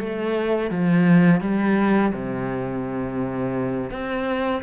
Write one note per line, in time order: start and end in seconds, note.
0.00 0.71 A3
0.71 1.41 F3
1.41 2.13 G3
2.14 3.91 C3
3.91 4.63 C4